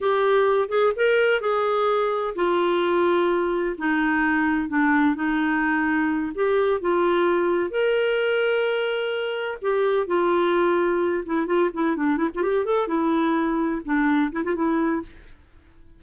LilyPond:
\new Staff \with { instrumentName = "clarinet" } { \time 4/4 \tempo 4 = 128 g'4. gis'8 ais'4 gis'4~ | gis'4 f'2. | dis'2 d'4 dis'4~ | dis'4. g'4 f'4.~ |
f'8 ais'2.~ ais'8~ | ais'8 g'4 f'2~ f'8 | e'8 f'8 e'8 d'8 e'16 f'16 g'8 a'8 e'8~ | e'4. d'4 e'16 f'16 e'4 | }